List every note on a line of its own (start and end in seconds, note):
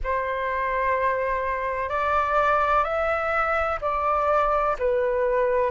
0.03 1.89 C5
1.89 2.84 D5
2.84 3.79 E5
3.81 4.76 D5
4.79 5.70 B4